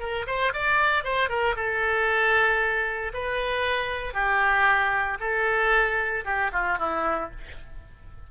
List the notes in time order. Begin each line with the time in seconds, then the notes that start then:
0.00 A#4
0.27 C5
0.54 D5
1.04 C5
1.29 A#4
1.56 A4
3.14 B4
4.14 G4
5.20 A4
6.25 G4
6.53 F4
6.78 E4